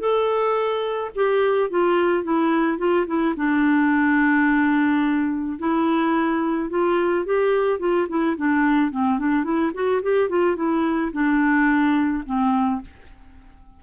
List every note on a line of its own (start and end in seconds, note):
0.00 1.11 A4
1.15 1.70 G4
1.70 2.24 F4
2.24 2.79 E4
2.79 3.06 F4
3.07 3.35 E4
3.37 5.59 D4
5.59 6.70 E4
6.70 7.26 F4
7.26 7.80 G4
7.80 8.08 F4
8.09 8.37 E4
8.37 8.92 D4
8.92 9.19 C4
9.19 9.44 D4
9.44 9.72 E4
9.74 10.02 F#4
10.03 10.30 G4
10.30 10.56 F4
10.56 11.12 E4
11.13 12.24 D4
12.26 12.82 C4